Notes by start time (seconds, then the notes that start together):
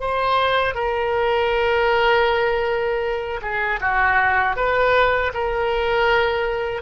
0.00 C5
0.74 A#4
3.41 G#4
3.80 F#4
4.56 B4
5.33 A#4